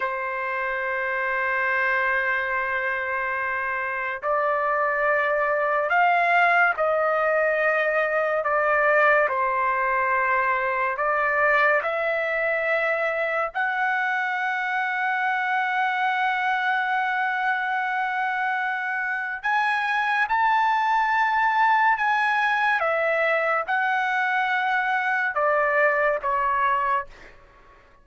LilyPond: \new Staff \with { instrumentName = "trumpet" } { \time 4/4 \tempo 4 = 71 c''1~ | c''4 d''2 f''4 | dis''2 d''4 c''4~ | c''4 d''4 e''2 |
fis''1~ | fis''2. gis''4 | a''2 gis''4 e''4 | fis''2 d''4 cis''4 | }